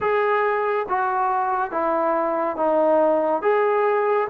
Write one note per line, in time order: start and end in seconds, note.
0.00 0.86 G#4
0.88 1.71 F#4
1.71 2.56 E4
2.56 3.42 D#4
3.42 4.27 G#4